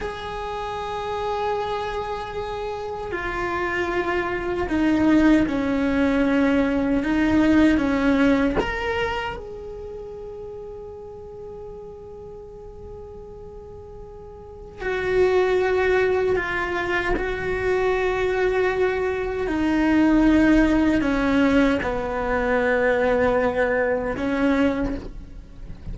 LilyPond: \new Staff \with { instrumentName = "cello" } { \time 4/4 \tempo 4 = 77 gis'1 | f'2 dis'4 cis'4~ | cis'4 dis'4 cis'4 ais'4 | gis'1~ |
gis'2. fis'4~ | fis'4 f'4 fis'2~ | fis'4 dis'2 cis'4 | b2. cis'4 | }